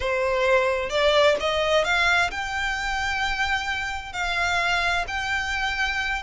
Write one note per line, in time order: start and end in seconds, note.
0.00 0.89 C5
0.89 1.36 D5
1.40 1.84 D#5
1.84 2.30 F5
2.31 4.12 G5
4.12 5.05 F5
5.07 6.22 G5